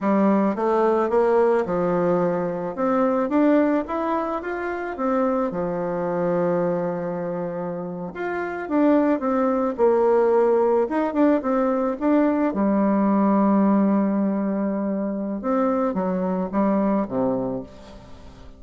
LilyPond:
\new Staff \with { instrumentName = "bassoon" } { \time 4/4 \tempo 4 = 109 g4 a4 ais4 f4~ | f4 c'4 d'4 e'4 | f'4 c'4 f2~ | f2~ f8. f'4 d'16~ |
d'8. c'4 ais2 dis'16~ | dis'16 d'8 c'4 d'4 g4~ g16~ | g1 | c'4 fis4 g4 c4 | }